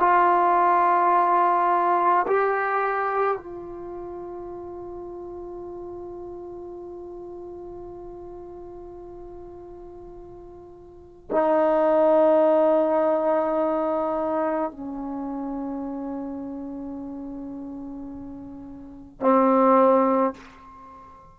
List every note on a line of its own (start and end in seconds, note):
0.00 2.26 F4
2.27 3.37 G4
3.37 11.30 F4
11.32 14.71 D#4
14.71 19.20 C#4
19.20 20.34 C4